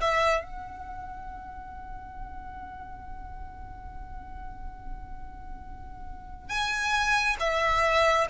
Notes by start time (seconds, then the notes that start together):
0.00 E5
0.43 F#5
6.49 G#5
7.40 E5